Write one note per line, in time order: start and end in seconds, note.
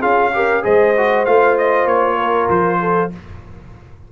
0.00 0.64 C#4
0.00 0.32 F4
0.00 0.31 G#4
0.00 0.64 F5
0.33 0.63 G4
0.33 0.64 A#4
0.63 1.27 G#3
0.63 0.94 G#4
0.63 2.18 C5
0.63 1.25 D#5
0.97 1.26 F#4
1.25 1.86 A3
1.25 3.12 F4
1.25 1.56 F5
1.57 1.87 D#5
1.86 2.47 A#3
1.86 2.49 C#5
2.18 2.80 A#4
2.49 3.11 F3
2.49 3.11 C5
2.80 3.11 A4